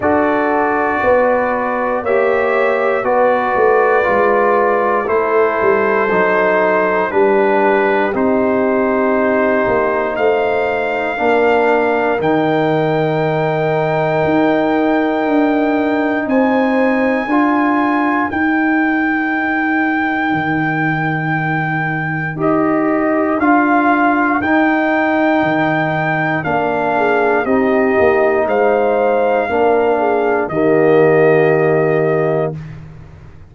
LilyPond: <<
  \new Staff \with { instrumentName = "trumpet" } { \time 4/4 \tempo 4 = 59 d''2 e''4 d''4~ | d''4 c''2 b'4 | c''2 f''2 | g''1 |
gis''2 g''2~ | g''2 dis''4 f''4 | g''2 f''4 dis''4 | f''2 dis''2 | }
  \new Staff \with { instrumentName = "horn" } { \time 4/4 a'4 b'4 cis''4 b'4~ | b'4 a'2 g'4~ | g'2 c''4 ais'4~ | ais'1 |
c''4 ais'2.~ | ais'1~ | ais'2~ ais'8 gis'8 g'4 | c''4 ais'8 gis'8 g'2 | }
  \new Staff \with { instrumentName = "trombone" } { \time 4/4 fis'2 g'4 fis'4 | f'4 e'4 dis'4 d'4 | dis'2. d'4 | dis'1~ |
dis'4 f'4 dis'2~ | dis'2 g'4 f'4 | dis'2 d'4 dis'4~ | dis'4 d'4 ais2 | }
  \new Staff \with { instrumentName = "tuba" } { \time 4/4 d'4 b4 ais4 b8 a8 | gis4 a8 g8 fis4 g4 | c'4. ais8 a4 ais4 | dis2 dis'4 d'4 |
c'4 d'4 dis'2 | dis2 dis'4 d'4 | dis'4 dis4 ais4 c'8 ais8 | gis4 ais4 dis2 | }
>>